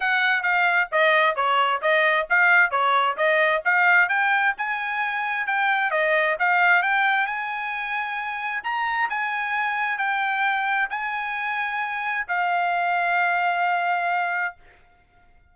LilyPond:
\new Staff \with { instrumentName = "trumpet" } { \time 4/4 \tempo 4 = 132 fis''4 f''4 dis''4 cis''4 | dis''4 f''4 cis''4 dis''4 | f''4 g''4 gis''2 | g''4 dis''4 f''4 g''4 |
gis''2. ais''4 | gis''2 g''2 | gis''2. f''4~ | f''1 | }